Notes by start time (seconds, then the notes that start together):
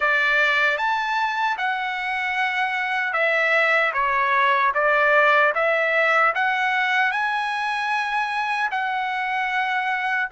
0.00 D5
0.77 A5
1.57 F#5
3.13 E5
3.93 C#5
4.74 D5
5.54 E5
6.34 F#5
7.11 G#5
8.71 F#5